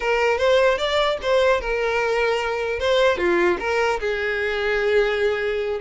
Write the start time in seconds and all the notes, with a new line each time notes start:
0.00 A#4
0.38 C5
0.78 D5
1.22 C5
1.61 A#4
2.79 C5
3.17 F4
3.59 A#4
3.99 G#4